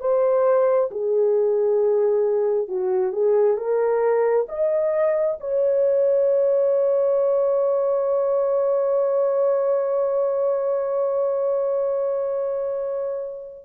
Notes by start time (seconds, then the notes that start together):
0.00 C5
0.91 G#4
2.68 F#4
3.12 G#4
3.57 A#4
4.49 D#5
5.40 C#5